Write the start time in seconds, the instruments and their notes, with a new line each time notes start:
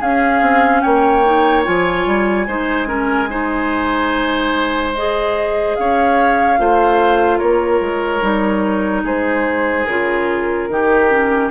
0.00 bassoon C#4, clarinet C#4, oboe G#4, flute F5
0.42 bassoon C4
0.81 bassoon A#3, oboe C#5, flute G5
1.26 clarinet D#4
1.65 bassoon F3, clarinet F4, flute G#5
2.07 bassoon G3
2.48 bassoon G#3, clarinet D#4, oboe C5
2.87 clarinet C#4, oboe A#4
3.30 clarinet D#4, oboe C5
4.95 clarinet G#4, flute D#5
5.76 bassoon C#4, oboe C#5, flute F5
6.58 bassoon A3, clarinet F4, oboe C5
7.39 bassoon A#3, oboe A#4, flute C#5
7.81 bassoon G#3
8.22 bassoon G3, clarinet D#4
9.04 bassoon G#3, oboe G#4, flute C5
9.86 bassoon C#3, clarinet F4, flute A#4
10.69 bassoon D#3, clarinet D#4, oboe G4
11.11 clarinet C#4